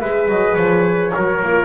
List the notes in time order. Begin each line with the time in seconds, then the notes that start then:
0.00 G#3 G#4 B4 E5
0.29 F#3 D#5
0.55 F3 C#5
1.15 F#3 F#4 A#4
1.42 A#3 F4